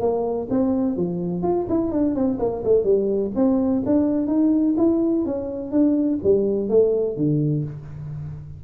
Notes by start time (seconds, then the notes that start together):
0.00 A#3
0.50 C4
0.97 F3
1.42 F4
1.69 E4
1.92 D4
2.15 C4
2.39 A#3
2.64 A3
2.84 G3
3.35 C4
3.86 D4
4.27 D#4
4.77 E4
5.25 C#4
5.71 D4
6.23 G3
6.69 A3
7.17 D3